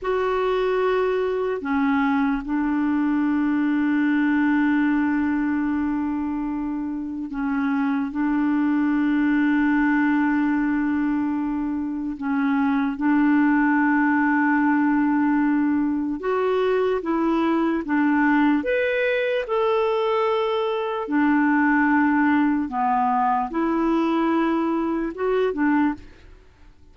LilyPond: \new Staff \with { instrumentName = "clarinet" } { \time 4/4 \tempo 4 = 74 fis'2 cis'4 d'4~ | d'1~ | d'4 cis'4 d'2~ | d'2. cis'4 |
d'1 | fis'4 e'4 d'4 b'4 | a'2 d'2 | b4 e'2 fis'8 d'8 | }